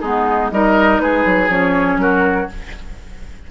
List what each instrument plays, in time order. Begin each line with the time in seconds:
0.00 bassoon G#3, clarinet B3, oboe D#4, flute G#4
0.51 bassoon G3, clarinet D#4, oboe A#4, flute D#5
1.00 bassoon G#3, oboe G#4, flute B4
1.25 bassoon F#3
1.48 bassoon F3, clarinet C#4, flute C#5
1.97 bassoon F#3, oboe F#4, flute A#4